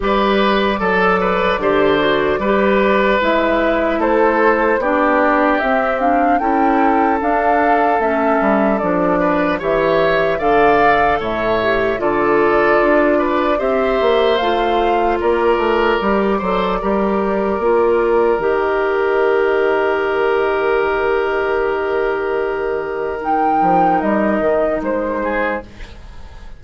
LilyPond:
<<
  \new Staff \with { instrumentName = "flute" } { \time 4/4 \tempo 4 = 75 d''1 | e''4 c''4 d''4 e''8 f''8 | g''4 f''4 e''4 d''4 | e''4 f''4 e''4 d''4~ |
d''4 e''4 f''4 d''4~ | d''2. dis''4~ | dis''1~ | dis''4 g''4 dis''4 c''4 | }
  \new Staff \with { instrumentName = "oboe" } { \time 4/4 b'4 a'8 b'8 c''4 b'4~ | b'4 a'4 g'2 | a'2.~ a'8 b'8 | cis''4 d''4 cis''4 a'4~ |
a'8 b'8 c''2 ais'4~ | ais'8 c''8 ais'2.~ | ais'1~ | ais'2.~ ais'8 gis'8 | }
  \new Staff \with { instrumentName = "clarinet" } { \time 4/4 g'4 a'4 g'8 fis'8 g'4 | e'2 d'4 c'8 d'8 | e'4 d'4 cis'4 d'4 | g'4 a'4. g'8 f'4~ |
f'4 g'4 f'2 | g'8 a'8 g'4 f'4 g'4~ | g'1~ | g'4 dis'2. | }
  \new Staff \with { instrumentName = "bassoon" } { \time 4/4 g4 fis4 d4 g4 | gis4 a4 b4 c'4 | cis'4 d'4 a8 g8 f4 | e4 d4 a,4 d4 |
d'4 c'8 ais8 a4 ais8 a8 | g8 fis8 g4 ais4 dis4~ | dis1~ | dis4. f8 g8 dis8 gis4 | }
>>